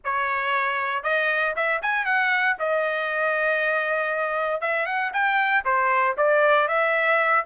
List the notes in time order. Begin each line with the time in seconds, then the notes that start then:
0.04 C#5
1.03 D#5
1.55 E5
1.82 G#5
2.05 F#5
2.59 D#5
4.61 E5
4.86 F#5
5.13 G5
5.64 C5
6.17 D5
6.68 E5